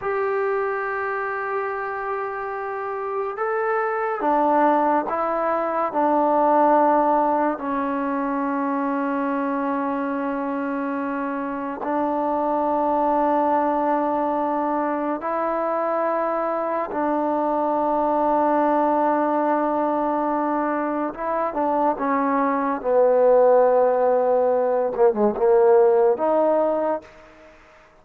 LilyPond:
\new Staff \with { instrumentName = "trombone" } { \time 4/4 \tempo 4 = 71 g'1 | a'4 d'4 e'4 d'4~ | d'4 cis'2.~ | cis'2 d'2~ |
d'2 e'2 | d'1~ | d'4 e'8 d'8 cis'4 b4~ | b4. ais16 gis16 ais4 dis'4 | }